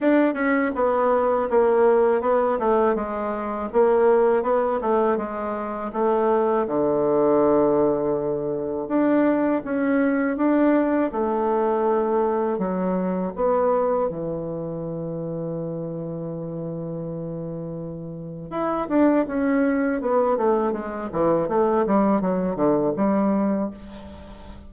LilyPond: \new Staff \with { instrumentName = "bassoon" } { \time 4/4 \tempo 4 = 81 d'8 cis'8 b4 ais4 b8 a8 | gis4 ais4 b8 a8 gis4 | a4 d2. | d'4 cis'4 d'4 a4~ |
a4 fis4 b4 e4~ | e1~ | e4 e'8 d'8 cis'4 b8 a8 | gis8 e8 a8 g8 fis8 d8 g4 | }